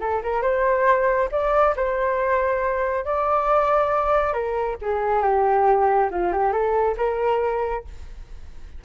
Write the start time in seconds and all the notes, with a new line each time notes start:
0.00 A4
0.23 A#4
0.42 C5
1.31 D5
1.76 C5
3.05 D5
4.33 A#4
4.81 G#4
5.22 G4
6.10 F4
6.32 G4
6.52 A4
6.97 A#4